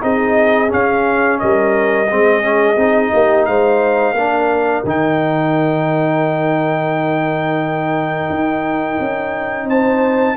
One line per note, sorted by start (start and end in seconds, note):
0.00 0.72 C4
0.00 0.68 D#4
0.00 1.40 G#4
0.00 0.71 D#5
0.68 2.06 C#4
0.68 1.42 C#4
0.68 1.39 F5
1.39 2.11 G3
1.39 2.09 A#4
1.39 3.45 D#5
2.09 2.76 G#3
2.09 2.42 C4
2.09 3.13 G#4
2.42 2.76 C#4
2.76 3.10 C4
2.76 4.15 D#4
3.13 3.47 A#3
3.13 3.48 G4
3.45 4.12 G#3
3.45 4.15 C5
3.45 4.83 F5
4.12 4.81 A#3
4.12 4.85 D4
4.12 9.66 A#4
4.84 8.29 D#3
4.84 10.37 D#4
4.84 9.69 G5
8.29 8.98 D#4
9.00 9.65 C#4
9.65 10.34 C4
9.65 10.36 C5
9.65 10.37 A5